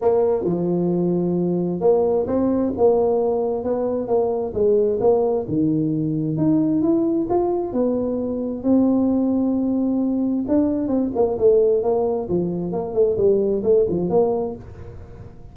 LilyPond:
\new Staff \with { instrumentName = "tuba" } { \time 4/4 \tempo 4 = 132 ais4 f2. | ais4 c'4 ais2 | b4 ais4 gis4 ais4 | dis2 dis'4 e'4 |
f'4 b2 c'4~ | c'2. d'4 | c'8 ais8 a4 ais4 f4 | ais8 a8 g4 a8 f8 ais4 | }